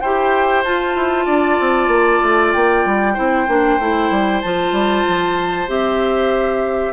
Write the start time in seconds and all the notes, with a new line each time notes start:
0.00 E4 G4 C5 G5
0.64 F4 A5
0.95 E4
1.26 D4 D5
1.60 C4
1.88 A#3
2.22 A3
2.53 A#3 G5
2.85 G3
3.14 C4 E4 C5
3.48 A#3 D4
3.79 A3 E4
4.10 G3
4.41 F3 F4 A5
4.72 G3
5.08 F3
5.68 C4 G4 E5